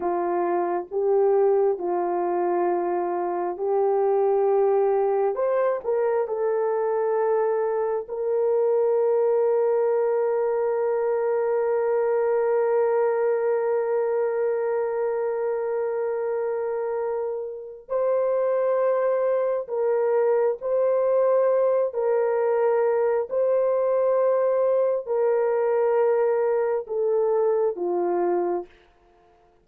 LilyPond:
\new Staff \with { instrumentName = "horn" } { \time 4/4 \tempo 4 = 67 f'4 g'4 f'2 | g'2 c''8 ais'8 a'4~ | a'4 ais'2.~ | ais'1~ |
ais'1 | c''2 ais'4 c''4~ | c''8 ais'4. c''2 | ais'2 a'4 f'4 | }